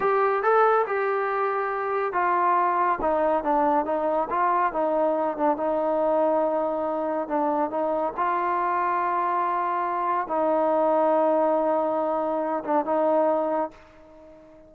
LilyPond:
\new Staff \with { instrumentName = "trombone" } { \time 4/4 \tempo 4 = 140 g'4 a'4 g'2~ | g'4 f'2 dis'4 | d'4 dis'4 f'4 dis'4~ | dis'8 d'8 dis'2.~ |
dis'4 d'4 dis'4 f'4~ | f'1 | dis'1~ | dis'4. d'8 dis'2 | }